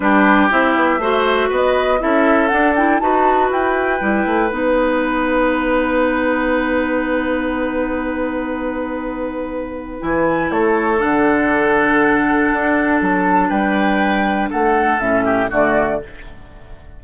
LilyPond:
<<
  \new Staff \with { instrumentName = "flute" } { \time 4/4 \tempo 4 = 120 b'4 e''2 dis''4 | e''4 fis''8 g''8 a''4 g''4~ | g''4 fis''2.~ | fis''1~ |
fis''1 | gis''4 cis''4 fis''2~ | fis''2 a''4 g''4~ | g''4 fis''4 e''4 d''4 | }
  \new Staff \with { instrumentName = "oboe" } { \time 4/4 g'2 c''4 b'4 | a'2 b'2~ | b'1~ | b'1~ |
b'1~ | b'4 a'2.~ | a'2. b'4~ | b'4 a'4. g'8 fis'4 | }
  \new Staff \with { instrumentName = "clarinet" } { \time 4/4 d'4 e'4 fis'2 | e'4 d'8 e'8 fis'2 | e'4 dis'2.~ | dis'1~ |
dis'1 | e'2 d'2~ | d'1~ | d'2 cis'4 a4 | }
  \new Staff \with { instrumentName = "bassoon" } { \time 4/4 g4 c'8 b8 a4 b4 | cis'4 d'4 dis'4 e'4 | g8 a8 b2.~ | b1~ |
b1 | e4 a4 d2~ | d4 d'4 fis4 g4~ | g4 a4 a,4 d4 | }
>>